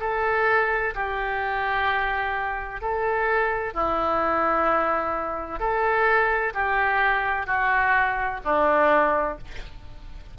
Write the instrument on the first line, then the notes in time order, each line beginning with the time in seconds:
oboe
0.00 A4
0.95 G4
2.81 A4
3.73 E4
5.59 A4
6.54 G4
7.47 F#4
8.44 D4